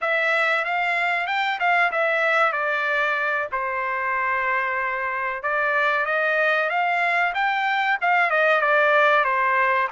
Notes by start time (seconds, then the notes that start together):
0.01 E5
0.64 F5
1.26 G5
1.59 F5
1.91 E5
2.52 D5
3.52 C5
5.43 D5
6.05 D#5
6.69 F5
7.34 G5
8.01 F5
8.30 D#5
8.61 D5
9.24 C5